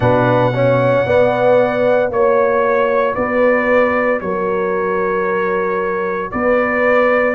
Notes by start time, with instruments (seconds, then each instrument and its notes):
0.00 tuba B2, trombone D4, horn B4, trumpet F#5
0.53 trombone C#4, horn C#5
1.05 tuba B3, trombone B3, horn D5
2.10 tuba A#3, trombone F#4, trumpet C#5, horn C#5
3.14 tuba B3, horn B4, trumpet D5
4.20 tuba F#3, horn A#4, trumpet C#5
6.31 tuba B3, horn B4, trumpet D5